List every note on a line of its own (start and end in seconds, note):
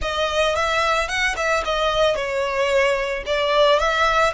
0.01 0.55 D#5
0.55 1.08 E5
1.08 1.35 F#5
1.36 1.63 E5
1.65 2.15 D#5
2.15 3.23 C#5
3.26 3.79 D5
3.79 4.33 E5